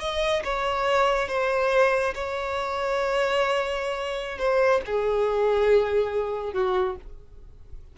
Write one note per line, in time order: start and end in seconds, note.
0.00 0.43 D#5
0.44 1.28 C#5
1.28 2.14 C5
2.14 4.39 C#5
4.39 4.81 C5
4.86 6.53 G#4
6.53 6.96 F#4